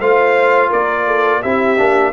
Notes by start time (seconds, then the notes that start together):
0.00 A3 F4 C5 F5
0.69 A#3 A#4 D5
1.07 A4
1.42 C4 E4 G4 E5
1.77 A#3 D4